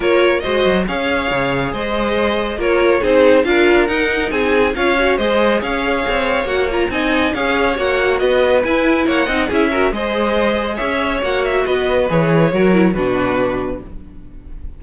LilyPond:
<<
  \new Staff \with { instrumentName = "violin" } { \time 4/4 \tempo 4 = 139 cis''4 dis''4 f''2 | dis''2 cis''4 c''4 | f''4 fis''4 gis''4 f''4 | dis''4 f''2 fis''8 ais''8 |
gis''4 f''4 fis''4 dis''4 | gis''4 fis''4 e''4 dis''4~ | dis''4 e''4 fis''8 e''8 dis''4 | cis''2 b'2 | }
  \new Staff \with { instrumentName = "violin" } { \time 4/4 ais'4 c''4 cis''2 | c''2 ais'4 gis'4 | ais'2 gis'4 cis''4 | c''4 cis''2. |
dis''4 cis''2 b'4~ | b'4 cis''8 dis''8 gis'8 ais'8 c''4~ | c''4 cis''2 b'4~ | b'4 ais'4 fis'2 | }
  \new Staff \with { instrumentName = "viola" } { \time 4/4 f'4 fis'4 gis'2~ | gis'2 f'4 dis'4 | f'4 dis'2 f'8 fis'8 | gis'2. fis'8 f'8 |
dis'4 gis'4 fis'2 | e'4. dis'8 e'8 fis'8 gis'4~ | gis'2 fis'2 | gis'4 fis'8 e'8 d'2 | }
  \new Staff \with { instrumentName = "cello" } { \time 4/4 ais4 gis8 fis8 cis'4 cis4 | gis2 ais4 c'4 | d'4 dis'4 c'4 cis'4 | gis4 cis'4 c'4 ais4 |
c'4 cis'4 ais4 b4 | e'4 ais8 c'8 cis'4 gis4~ | gis4 cis'4 ais4 b4 | e4 fis4 b,2 | }
>>